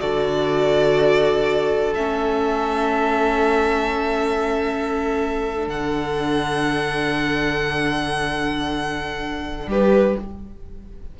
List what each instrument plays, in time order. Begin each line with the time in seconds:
0.00 cello D3, viola F#4, violin A4 D5
1.94 cello A3, viola C#4, violin E5
5.56 viola D4
5.68 cello D3, violin F#5
9.67 cello G3, violin G4 B4